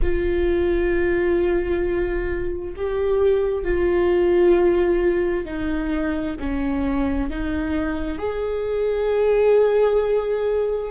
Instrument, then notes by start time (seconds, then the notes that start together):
viola
0.02 F4
2.76 G4
3.64 F4
5.45 D#4
6.39 C#4
7.30 D#4
8.18 G#4